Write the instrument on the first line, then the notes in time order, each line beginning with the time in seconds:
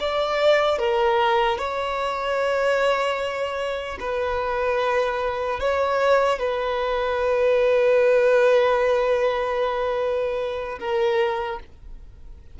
violin
0.00 D5
0.79 A#4
1.58 C#5
4.00 B4
5.60 C#5
6.39 B4
10.80 A#4